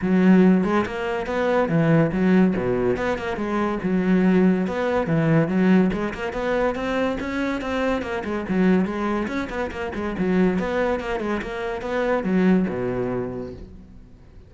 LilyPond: \new Staff \with { instrumentName = "cello" } { \time 4/4 \tempo 4 = 142 fis4. gis8 ais4 b4 | e4 fis4 b,4 b8 ais8 | gis4 fis2 b4 | e4 fis4 gis8 ais8 b4 |
c'4 cis'4 c'4 ais8 gis8 | fis4 gis4 cis'8 b8 ais8 gis8 | fis4 b4 ais8 gis8 ais4 | b4 fis4 b,2 | }